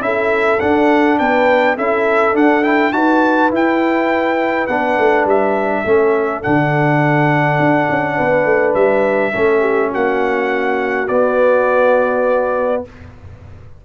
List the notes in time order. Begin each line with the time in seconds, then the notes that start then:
0.00 C#4 E4 A4 E5
0.60 D4 F#5
1.18 B3 B4 G5
1.76 C#4 E4 A4 E5
2.33 D4 F#5
2.64 E4 G5
2.92 D#4 F#4 B4 A5
3.51 E4 G5
4.67 B3 D4 F#5
4.98 A3
5.25 G3 E5
5.84 A3 C#4 A4
6.42 D3 D4 F#5
7.59 D4
7.89 C#4
8.15 B3 B4
8.45 A3
8.74 G3 E5
9.32 A3 C#4 A4
9.60 G4
9.91 A#3 F#4 F#5
11.08 B3 D5